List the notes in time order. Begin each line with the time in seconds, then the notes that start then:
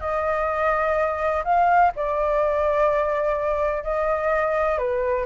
0.00 D#5
1.44 F5
1.96 D5
3.83 D#5
4.78 B4